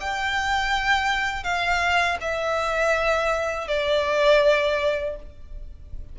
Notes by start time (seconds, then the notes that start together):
0.00 G5
1.43 F5
2.21 E5
3.67 D5